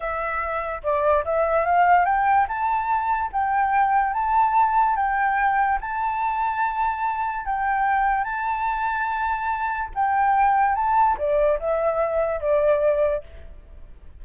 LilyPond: \new Staff \with { instrumentName = "flute" } { \time 4/4 \tempo 4 = 145 e''2 d''4 e''4 | f''4 g''4 a''2 | g''2 a''2 | g''2 a''2~ |
a''2 g''2 | a''1 | g''2 a''4 d''4 | e''2 d''2 | }